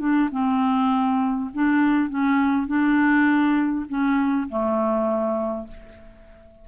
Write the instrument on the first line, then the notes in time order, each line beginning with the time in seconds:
clarinet
0.00 D4
0.32 C4
1.54 D4
2.10 C#4
2.67 D4
3.89 C#4
4.50 A3